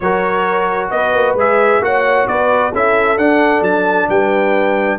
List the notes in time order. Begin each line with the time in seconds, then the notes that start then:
0.00 F#3 F#4 A#4 C#5
0.90 B3 B4 D#5
1.12 A#3
1.34 G#3 G#4 E5
1.80 A#3 F#4 C#5 F#5
2.27 B3 B4 D5
2.72 C#4 E4 A4 E5
3.17 D4 F#5
3.61 F#3 A5
4.08 G3 B4 G5